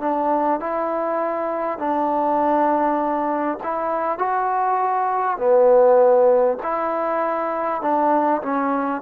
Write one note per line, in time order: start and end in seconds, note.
0.00 0.59 D4
0.59 1.78 E4
1.78 3.58 D4
3.63 4.18 E4
4.18 5.37 F#4
5.37 6.57 B3
6.62 7.81 E4
7.81 8.41 D4
8.42 9.01 C#4